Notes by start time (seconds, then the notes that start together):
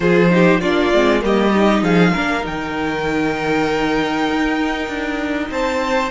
0.00 F3 F4 G#4 C5
0.30 D#4 G4
0.60 A#3 D4 F4 D5
0.93 G#3 C4
1.21 G3 A#3 G4 D#5
1.54 D#4
1.82 F3 G#4 F5
2.12 A#3 D4 A#4
2.41 D#3 D#4 G5
4.29 D#4
4.87 D4
5.49 C4 C5 A5